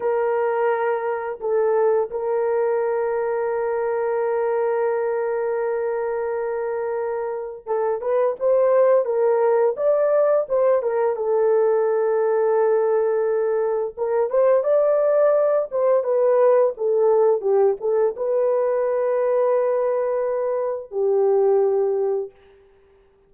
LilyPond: \new Staff \with { instrumentName = "horn" } { \time 4/4 \tempo 4 = 86 ais'2 a'4 ais'4~ | ais'1~ | ais'2. a'8 b'8 | c''4 ais'4 d''4 c''8 ais'8 |
a'1 | ais'8 c''8 d''4. c''8 b'4 | a'4 g'8 a'8 b'2~ | b'2 g'2 | }